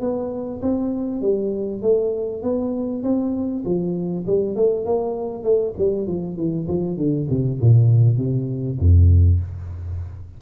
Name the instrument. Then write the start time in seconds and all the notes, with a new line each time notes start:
tuba
0.00 B3
0.62 C4
1.21 G3
1.82 A3
2.42 B3
3.03 C4
3.65 F3
4.26 G3
4.56 A3
4.85 A#3
5.43 A3
5.78 G3
6.07 F3
6.36 E3
6.68 F3
6.97 D3
7.29 C3
7.60 A#2
8.17 C3
8.79 F2